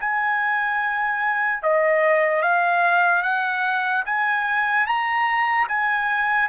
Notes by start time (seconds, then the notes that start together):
0.00 G#5
1.63 D#5
2.42 F5
3.22 F#5
4.05 G#5
4.86 A#5
5.68 G#5